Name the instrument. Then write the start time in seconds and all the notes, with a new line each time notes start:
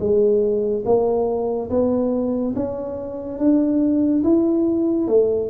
tuba
0.00 G#3
0.86 A#3
1.70 B3
2.56 C#4
3.39 D4
4.24 E4
5.08 A3